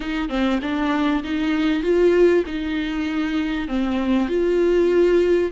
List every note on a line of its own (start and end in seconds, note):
0.00 0.29 D#4
0.29 0.59 C4
0.62 1.23 D4
1.23 1.82 D#4
1.82 2.44 F4
2.46 3.68 D#4
3.68 4.28 C4
4.28 5.51 F4